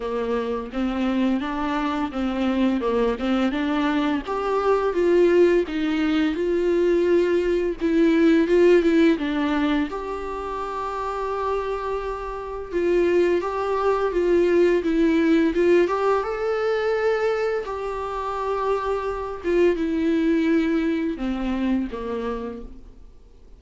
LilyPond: \new Staff \with { instrumentName = "viola" } { \time 4/4 \tempo 4 = 85 ais4 c'4 d'4 c'4 | ais8 c'8 d'4 g'4 f'4 | dis'4 f'2 e'4 | f'8 e'8 d'4 g'2~ |
g'2 f'4 g'4 | f'4 e'4 f'8 g'8 a'4~ | a'4 g'2~ g'8 f'8 | e'2 c'4 ais4 | }